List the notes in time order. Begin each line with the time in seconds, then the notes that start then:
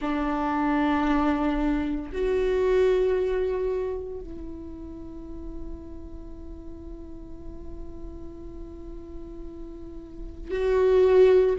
0.00 D4
2.12 F#4
4.20 E4
10.50 F#4